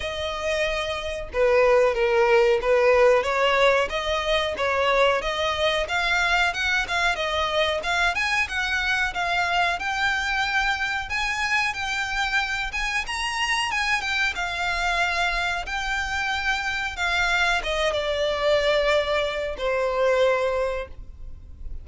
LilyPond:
\new Staff \with { instrumentName = "violin" } { \time 4/4 \tempo 4 = 92 dis''2 b'4 ais'4 | b'4 cis''4 dis''4 cis''4 | dis''4 f''4 fis''8 f''8 dis''4 | f''8 gis''8 fis''4 f''4 g''4~ |
g''4 gis''4 g''4. gis''8 | ais''4 gis''8 g''8 f''2 | g''2 f''4 dis''8 d''8~ | d''2 c''2 | }